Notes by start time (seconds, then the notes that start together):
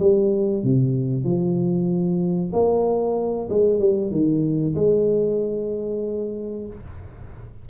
0.00 G3
0.64 C3
1.24 F3
2.53 A#3
3.50 G#3
3.80 G3
4.11 D#3
4.76 G#3